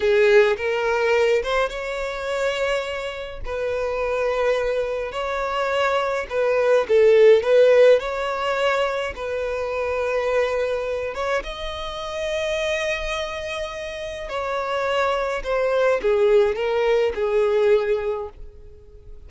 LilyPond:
\new Staff \with { instrumentName = "violin" } { \time 4/4 \tempo 4 = 105 gis'4 ais'4. c''8 cis''4~ | cis''2 b'2~ | b'4 cis''2 b'4 | a'4 b'4 cis''2 |
b'2.~ b'8 cis''8 | dis''1~ | dis''4 cis''2 c''4 | gis'4 ais'4 gis'2 | }